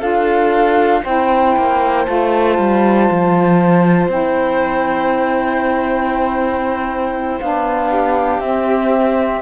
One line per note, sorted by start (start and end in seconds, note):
0.00 1.04 D4
0.00 1.02 F4
0.00 1.02 A4
0.00 1.03 F5
1.03 1.56 C4
1.03 2.06 E4
1.03 7.90 C5
1.03 2.06 G5
1.57 2.08 A#3
2.06 2.59 A3
2.06 4.10 F4
2.06 4.09 A5
2.59 3.10 G3
3.11 4.08 F3
4.08 7.39 C4
4.08 7.40 E4
4.08 7.40 G5
7.40 8.39 B3
7.40 8.42 D4
7.40 8.40 F5
7.91 9.42 G4
8.39 9.41 C4
8.39 9.42 C4
8.39 9.42 E5